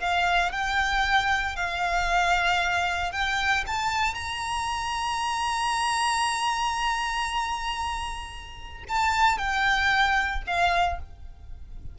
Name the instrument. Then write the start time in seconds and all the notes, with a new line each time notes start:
violin
0.00 F5
0.52 G5
1.56 F5
3.12 G5
3.67 A5
4.14 A#5
8.88 A5
9.38 G5
10.47 F5